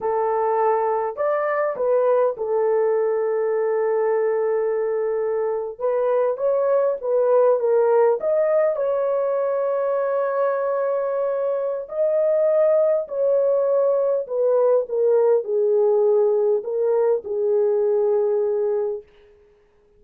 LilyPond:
\new Staff \with { instrumentName = "horn" } { \time 4/4 \tempo 4 = 101 a'2 d''4 b'4 | a'1~ | a'4.~ a'16 b'4 cis''4 b'16~ | b'8. ais'4 dis''4 cis''4~ cis''16~ |
cis''1 | dis''2 cis''2 | b'4 ais'4 gis'2 | ais'4 gis'2. | }